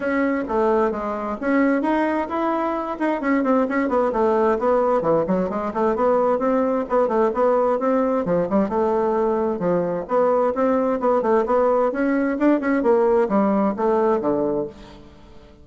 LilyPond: \new Staff \with { instrumentName = "bassoon" } { \time 4/4 \tempo 4 = 131 cis'4 a4 gis4 cis'4 | dis'4 e'4. dis'8 cis'8 c'8 | cis'8 b8 a4 b4 e8 fis8 | gis8 a8 b4 c'4 b8 a8 |
b4 c'4 f8 g8 a4~ | a4 f4 b4 c'4 | b8 a8 b4 cis'4 d'8 cis'8 | ais4 g4 a4 d4 | }